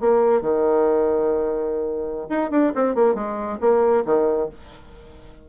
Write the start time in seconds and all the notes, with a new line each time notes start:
0.00 A#3
0.41 D#3
2.29 D#4
2.50 D4
2.75 C4
2.95 A#3
3.15 G#3
3.60 A#3
4.05 D#3